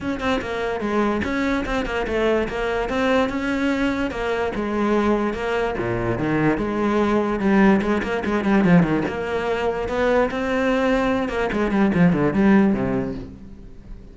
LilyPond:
\new Staff \with { instrumentName = "cello" } { \time 4/4 \tempo 4 = 146 cis'8 c'8 ais4 gis4 cis'4 | c'8 ais8 a4 ais4 c'4 | cis'2 ais4 gis4~ | gis4 ais4 ais,4 dis4 |
gis2 g4 gis8 ais8 | gis8 g8 f8 dis8 ais2 | b4 c'2~ c'8 ais8 | gis8 g8 f8 d8 g4 c4 | }